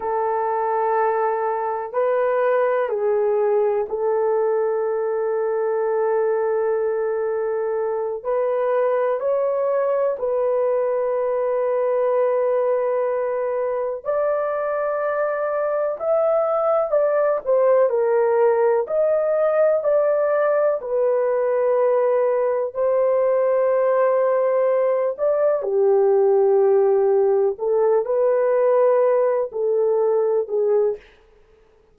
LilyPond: \new Staff \with { instrumentName = "horn" } { \time 4/4 \tempo 4 = 62 a'2 b'4 gis'4 | a'1~ | a'8 b'4 cis''4 b'4.~ | b'2~ b'8 d''4.~ |
d''8 e''4 d''8 c''8 ais'4 dis''8~ | dis''8 d''4 b'2 c''8~ | c''2 d''8 g'4.~ | g'8 a'8 b'4. a'4 gis'8 | }